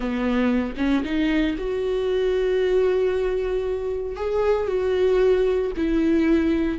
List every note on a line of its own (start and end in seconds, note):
0.00 0.74 B3
0.77 1.03 C#4
1.04 1.56 D#4
1.58 4.16 F#4
4.16 4.67 G#4
4.67 5.71 F#4
5.77 6.78 E4